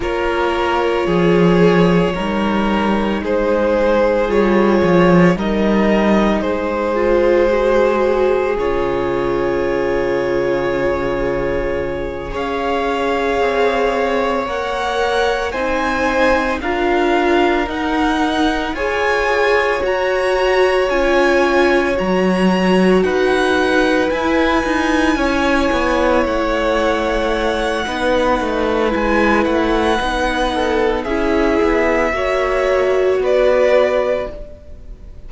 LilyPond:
<<
  \new Staff \with { instrumentName = "violin" } { \time 4/4 \tempo 4 = 56 cis''2. c''4 | cis''4 dis''4 c''2 | cis''2.~ cis''8 f''8~ | f''4. fis''4 gis''4 f''8~ |
f''8 fis''4 gis''4 ais''4 gis''8~ | gis''8 ais''4 fis''4 gis''4.~ | gis''8 fis''2~ fis''8 gis''8 fis''8~ | fis''4 e''2 d''4 | }
  \new Staff \with { instrumentName = "violin" } { \time 4/4 ais'4 gis'4 ais'4 gis'4~ | gis'4 ais'4 gis'2~ | gis'2.~ gis'8 cis''8~ | cis''2~ cis''8 c''4 ais'8~ |
ais'4. cis''2~ cis''8~ | cis''4. b'2 cis''8~ | cis''2 b'2~ | b'8 a'8 gis'4 cis''4 b'4 | }
  \new Staff \with { instrumentName = "viola" } { \time 4/4 f'2 dis'2 | f'4 dis'4. f'8 fis'4 | f'2.~ f'8 gis'8~ | gis'4. ais'4 dis'4 f'8~ |
f'8 dis'4 gis'4 fis'4 f'8~ | f'8 fis'2 e'4.~ | e'2 dis'4 e'4 | dis'4 e'4 fis'2 | }
  \new Staff \with { instrumentName = "cello" } { \time 4/4 ais4 f4 g4 gis4 | g8 f8 g4 gis2 | cis2.~ cis8 cis'8~ | cis'8 c'4 ais4 c'4 d'8~ |
d'8 dis'4 f'4 fis'4 cis'8~ | cis'8 fis4 dis'4 e'8 dis'8 cis'8 | b8 a4. b8 a8 gis8 a8 | b4 cis'8 b8 ais4 b4 | }
>>